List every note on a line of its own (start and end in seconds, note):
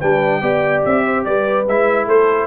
0.00 0.42 G3
0.00 0.42 D4
0.00 0.41 B4
0.00 0.83 G5
0.42 0.83 B3
0.42 1.66 G4
0.42 1.05 D5
0.85 1.27 C4
0.85 1.25 E5
1.05 1.26 C5
1.25 1.68 G3
1.25 2.08 B4
1.25 1.66 D5
1.68 2.08 G#3
1.68 2.47 E4
1.68 2.09 E5
2.08 2.47 A3
2.08 2.47 A4
2.08 2.47 C5